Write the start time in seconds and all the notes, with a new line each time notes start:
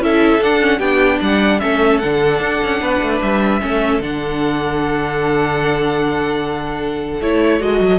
0.00 C#4 E4 A4 E5
0.41 D4 F#5
0.60 C#4
0.78 B3 D4 G4 G5
1.20 G3 D5 F#5
1.60 A3 C#4 A4 E5
1.99 D3 D4 F#5
2.40 D4
2.64 C#4
2.81 B3 B4
3.01 A3
3.22 G3 E5
3.61 A3 C#4 A4
4.00 D3 D4 F#5
7.21 A3 E4 C#5
7.61 G#3 F#4 D#5
7.81 F#3